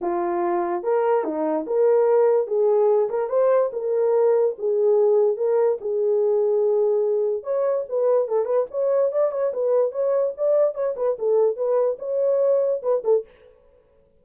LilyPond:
\new Staff \with { instrumentName = "horn" } { \time 4/4 \tempo 4 = 145 f'2 ais'4 dis'4 | ais'2 gis'4. ais'8 | c''4 ais'2 gis'4~ | gis'4 ais'4 gis'2~ |
gis'2 cis''4 b'4 | a'8 b'8 cis''4 d''8 cis''8 b'4 | cis''4 d''4 cis''8 b'8 a'4 | b'4 cis''2 b'8 a'8 | }